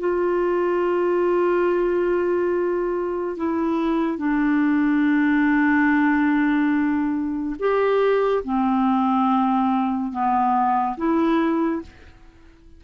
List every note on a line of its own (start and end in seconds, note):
0.00 3.37 F4
3.37 4.18 E4
4.18 7.56 D4
7.59 8.44 G4
8.44 10.12 C4
10.12 10.97 B3
10.97 11.82 E4